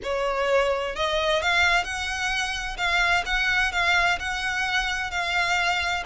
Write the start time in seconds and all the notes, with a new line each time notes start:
0.03 C#5
0.95 D#5
1.42 F5
1.84 F#5
2.77 F5
3.25 F#5
3.72 F5
4.19 F#5
5.10 F5